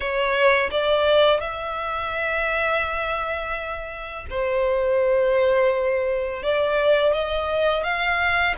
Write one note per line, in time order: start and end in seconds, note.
0.00 0.69 C#5
0.70 1.40 D5
1.40 4.26 E5
4.30 6.42 C5
6.42 7.13 D5
7.13 7.83 D#5
7.83 8.55 F5